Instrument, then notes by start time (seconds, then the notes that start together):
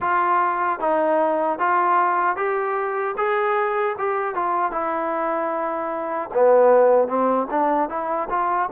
trombone
0.00 F4
0.79 D#4
1.59 F4
2.36 G4
3.17 G#4
3.98 G4
4.34 F4
4.72 E4
6.33 B3
7.07 C4
7.50 D4
7.89 E4
8.29 F4